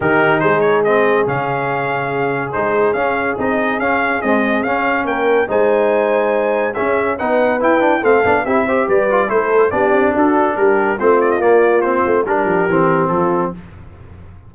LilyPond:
<<
  \new Staff \with { instrumentName = "trumpet" } { \time 4/4 \tempo 4 = 142 ais'4 c''8 cis''8 dis''4 f''4~ | f''2 c''4 f''4 | dis''4 f''4 dis''4 f''4 | g''4 gis''2. |
e''4 fis''4 g''4 f''4 | e''4 d''4 c''4 d''4 | a'4 ais'4 c''8 d''16 dis''16 d''4 | c''4 ais'2 a'4 | }
  \new Staff \with { instrumentName = "horn" } { \time 4/4 g'4 gis'2.~ | gis'1~ | gis'1 | ais'4 c''2. |
gis'4 b'2 a'4 | g'8 c''8 b'4 a'4 g'4 | fis'4 g'4 f'2~ | f'4 g'2 f'4 | }
  \new Staff \with { instrumentName = "trombone" } { \time 4/4 dis'2 c'4 cis'4~ | cis'2 dis'4 cis'4 | dis'4 cis'4 gis4 cis'4~ | cis'4 dis'2. |
cis'4 dis'4 e'8 d'8 c'8 d'8 | e'8 g'4 f'8 e'4 d'4~ | d'2 c'4 ais4 | c'4 d'4 c'2 | }
  \new Staff \with { instrumentName = "tuba" } { \time 4/4 dis4 gis2 cis4~ | cis2 gis4 cis'4 | c'4 cis'4 c'4 cis'4 | ais4 gis2. |
cis'4 b4 e'4 a8 b8 | c'4 g4 a4 b8 c'8 | d'4 g4 a4 ais4~ | ais8 a8 g8 f8 e4 f4 | }
>>